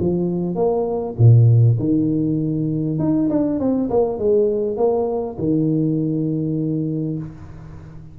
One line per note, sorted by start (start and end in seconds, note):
0.00 0.56 F3
0.56 1.16 A#3
1.18 1.78 A#2
1.80 2.99 D#3
2.99 3.29 D#4
3.30 3.60 D4
3.60 3.90 C4
3.91 4.19 A#3
4.19 4.77 G#3
4.77 5.37 A#3
5.39 7.19 D#3